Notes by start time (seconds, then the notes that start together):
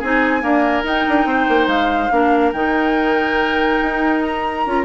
0.00 C4 D#4 G#4 G#5
0.41 A#3 D4 A#4
0.84 D#4 G5
1.08 D4
1.26 C4 C5
1.49 A#3
1.67 G#3 F5
2.11 A#3 D4 A#4
2.53 D#3 D#4 G5
3.82 D#4
4.22 A#5
4.66 C#4 F4